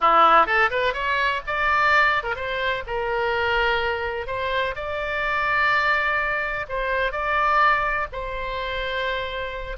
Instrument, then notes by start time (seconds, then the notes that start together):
oboe
0.00 E4
0.46 A4
0.70 B4
0.93 C#5
1.46 D5
2.23 A#4
2.35 C5
2.86 A#4
4.27 C5
4.75 D5
6.69 C5
7.12 D5
8.12 C5